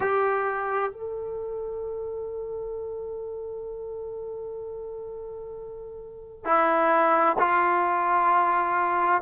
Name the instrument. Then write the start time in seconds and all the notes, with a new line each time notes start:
trombone
0.00 G4
0.91 A4
6.44 E4
7.38 F4